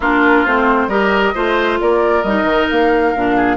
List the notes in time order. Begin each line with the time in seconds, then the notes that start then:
0.00 A#3 D4 F4 A#4
0.45 A3 C4 C5
0.87 G3 G4 A#4 D#5
1.34 A3 F4 C5
1.80 A#3 A#4 D5
2.22 G3 D#4 D#5
2.43 D#3
2.70 A#3 F5
3.15 A#2 D4
3.36 G#4